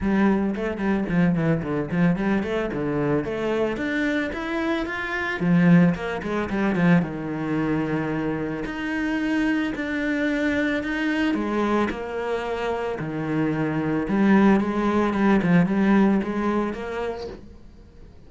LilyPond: \new Staff \with { instrumentName = "cello" } { \time 4/4 \tempo 4 = 111 g4 a8 g8 f8 e8 d8 f8 | g8 a8 d4 a4 d'4 | e'4 f'4 f4 ais8 gis8 | g8 f8 dis2. |
dis'2 d'2 | dis'4 gis4 ais2 | dis2 g4 gis4 | g8 f8 g4 gis4 ais4 | }